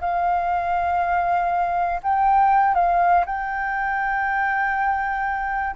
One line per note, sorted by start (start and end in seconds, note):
0.00 2.00 F5
2.02 2.74 G5
2.74 3.24 F5
3.25 5.75 G5